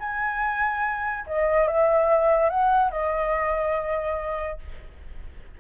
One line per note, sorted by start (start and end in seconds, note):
0.00 1.26 G#5
1.27 1.68 D#5
1.68 2.50 E5
2.50 2.91 F#5
2.91 4.59 D#5